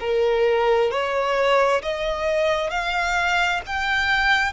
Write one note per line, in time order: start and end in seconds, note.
0.00 0.91 A#4
0.91 1.82 C#5
1.82 2.70 D#5
2.70 3.61 F5
3.67 4.53 G5